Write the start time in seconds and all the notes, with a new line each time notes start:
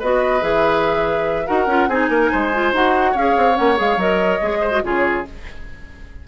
0.00 B3 F#4 B4 D#5
0.41 E3 G#4 E5
1.47 D#4 F#4 A#4 F#5
1.67 C#4 F4
1.88 C4 D#4 G#4 G#5
2.09 A#3 A#4
2.32 G#3 C5
2.54 F4
2.73 D#4 F#4 F#5
3.12 C#4 G#4 C#5 F5
3.37 C4
3.54 A#3 C#4 F#5
3.76 G#3 G#4 F5
3.97 F#3 A#4 D#5
4.42 G#3 G#4
4.61 C5
4.72 F#4
4.83 C#3 F4 G#4 C#5